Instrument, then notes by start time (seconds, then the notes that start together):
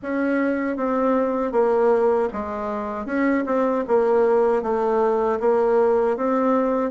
bassoon
0.02 C#4
0.77 C4
1.52 A#3
2.33 G#3
3.06 C#4
3.46 C4
3.87 A#3
4.62 A3
5.40 A#3
6.16 C4